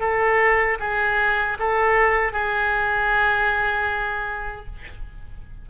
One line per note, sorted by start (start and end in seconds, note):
0.00 0.78 A4
0.80 1.58 G#4
1.59 2.32 A4
2.32 4.66 G#4